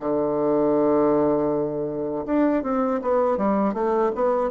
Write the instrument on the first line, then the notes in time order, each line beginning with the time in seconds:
bassoon
0.00 D3
2.26 D4
2.63 C4
3.02 B3
3.37 G3
3.74 A3
4.15 B3